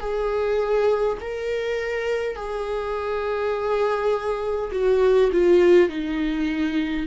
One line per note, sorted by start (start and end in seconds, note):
0.00 1.18 G#4
1.20 2.35 A#4
2.35 4.71 G#4
4.72 5.30 F#4
5.32 5.89 F4
5.89 7.06 D#4